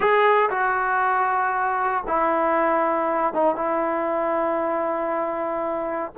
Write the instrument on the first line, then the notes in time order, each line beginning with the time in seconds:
trombone
0.00 G#4
0.50 F#4
2.07 E4
3.33 D#4
3.55 E4